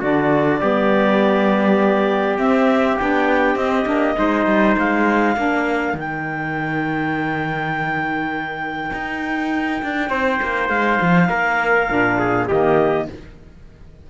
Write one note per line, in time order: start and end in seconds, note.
0.00 0.62 D3
0.00 0.63 D4
0.00 0.59 F#4
0.00 2.39 D5
0.61 2.38 G3
0.61 2.39 B3
0.61 4.17 G4
2.38 2.97 C4
2.38 2.98 C4
2.38 2.97 E5
2.97 3.56 B3
2.97 3.58 D4
2.97 3.57 G5
3.56 3.85 C4
3.56 3.86 C4
3.56 4.76 D#5
3.86 4.15 A#3
3.86 4.15 D4
4.16 4.46 G#3
4.16 5.35 D#4
4.16 5.36 C5
4.46 4.76 G3
4.78 5.36 G#3
4.78 5.98 F5
5.36 5.94 A#3
5.36 5.96 D4
5.36 10.10 A#4
5.94 8.91 D#3
5.94 11.88 D#4
5.94 10.69 G5
8.93 9.82 D#4
9.83 10.10 D4
10.10 10.40 C4
10.10 11.28 C5
10.42 10.69 A#3
10.69 10.99 G#3
10.69 12.47 F5
11.02 11.30 F3
11.29 11.89 A#3
11.29 12.18 A#4
11.88 12.50 A#2
11.88 12.47 D4
12.19 12.48 G#4
12.48 13.09 D#3
12.48 13.10 A#3
12.48 13.07 G4
12.48 13.07 D#5